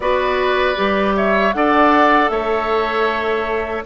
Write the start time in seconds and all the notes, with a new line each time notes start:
0.00 B3 F#4 B4 D5
0.75 G3 G4
1.16 C#5 E5
1.52 D4 A4 D5 F#5
2.29 A3 C#5 E5